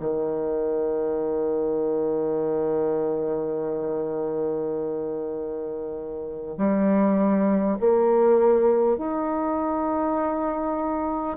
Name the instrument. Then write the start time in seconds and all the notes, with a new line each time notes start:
bassoon
0.00 D#3
6.58 G3
7.81 A#3
8.98 D#4